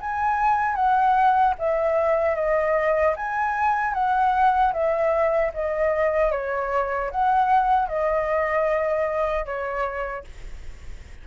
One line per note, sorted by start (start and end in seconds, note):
0.00 0.75 G#5
0.75 1.54 F#5
1.58 2.35 E5
2.35 3.14 D#5
3.16 3.94 G#5
3.94 4.73 F#5
4.73 5.52 E5
5.54 6.31 D#5
6.31 7.10 C#5
7.11 7.88 F#5
7.88 9.45 D#5
9.45 10.24 C#5